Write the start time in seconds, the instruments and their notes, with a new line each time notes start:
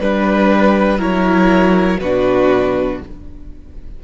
0.00 cello G3, viola D4, violin B4
0.99 cello F#3, viola E4, violin A#4 C#5
2.00 cello B2, viola D4, violin F#4 B4